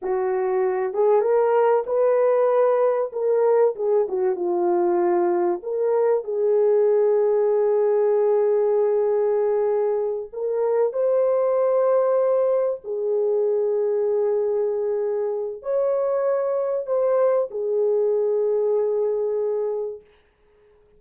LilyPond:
\new Staff \with { instrumentName = "horn" } { \time 4/4 \tempo 4 = 96 fis'4. gis'8 ais'4 b'4~ | b'4 ais'4 gis'8 fis'8 f'4~ | f'4 ais'4 gis'2~ | gis'1~ |
gis'8 ais'4 c''2~ c''8~ | c''8 gis'2.~ gis'8~ | gis'4 cis''2 c''4 | gis'1 | }